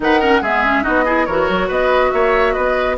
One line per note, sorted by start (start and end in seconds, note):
0.00 0.41 D#3
0.00 0.20 D#4
0.00 0.19 B4
0.00 0.43 F#5
0.19 0.42 C#4
0.19 0.41 A#4
0.41 0.84 G#3
0.41 0.64 B3
0.41 0.83 G#4
0.41 0.83 E5
0.64 0.82 C#4
0.82 1.28 B3
0.82 1.04 D#4
0.82 1.04 F#4
0.82 1.25 D#5
1.05 1.27 E4
1.05 1.26 G#4
1.25 1.49 E3
1.25 2.97 F#4
1.25 1.68 A#4
1.25 1.68 C#5
1.49 1.69 F#3
1.68 2.12 B3
1.68 2.10 B4
1.68 2.11 D#5
2.11 2.55 A#3
2.11 2.53 C#5
2.11 2.53 E5
2.53 2.97 B3
2.53 2.96 B4
2.53 2.95 D#5